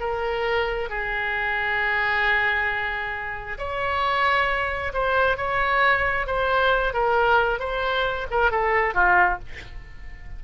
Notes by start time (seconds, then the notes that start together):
0.00 A#4
0.89 G#4
3.58 C#5
4.93 C5
5.37 C#5
6.27 C5
6.94 A#4
7.60 C5
8.31 A#4
8.51 A4
8.94 F4